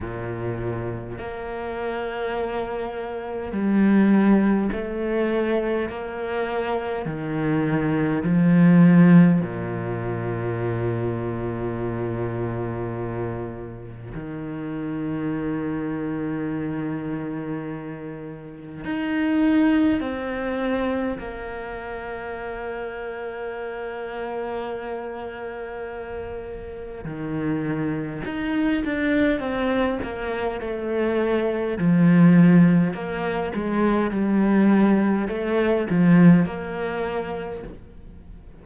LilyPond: \new Staff \with { instrumentName = "cello" } { \time 4/4 \tempo 4 = 51 ais,4 ais2 g4 | a4 ais4 dis4 f4 | ais,1 | dis1 |
dis'4 c'4 ais2~ | ais2. dis4 | dis'8 d'8 c'8 ais8 a4 f4 | ais8 gis8 g4 a8 f8 ais4 | }